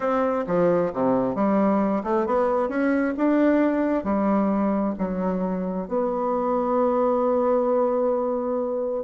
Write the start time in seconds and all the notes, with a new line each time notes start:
0.00 C4
0.46 F3
0.93 C3
1.35 G3
2.03 A3
2.26 B3
2.68 C#4
3.17 D4
4.04 G3
4.98 F#3
5.88 B3